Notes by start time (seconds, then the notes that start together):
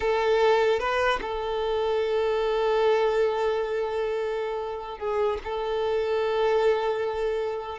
0.00 A4
0.79 B4
1.21 A4
4.98 G#4
5.43 A4